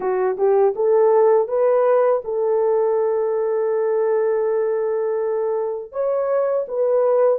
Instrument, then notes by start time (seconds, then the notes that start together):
horn
0.00 F#4
0.37 G4
0.75 A4
1.47 B4
2.24 A4
5.92 C#5
6.67 B4